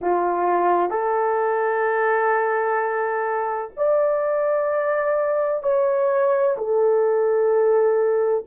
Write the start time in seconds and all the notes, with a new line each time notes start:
0.01 F4
0.89 A4
3.77 D5
5.62 C#5
6.57 A4